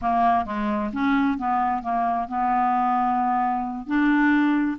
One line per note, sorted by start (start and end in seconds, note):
0.01 0.45 A#3
0.45 0.90 G#3
0.93 1.38 C#4
1.38 1.82 B3
1.82 2.28 A#3
2.28 3.86 B3
3.86 4.77 D4